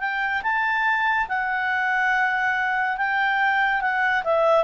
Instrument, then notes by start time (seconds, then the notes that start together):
clarinet
0.00 G5
0.43 A5
1.29 F#5
2.97 G5
3.81 F#5
4.24 E5